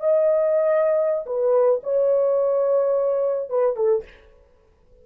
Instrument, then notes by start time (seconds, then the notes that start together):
horn
0.00 D#5
1.26 B4
1.83 C#5
3.49 B4
3.76 A4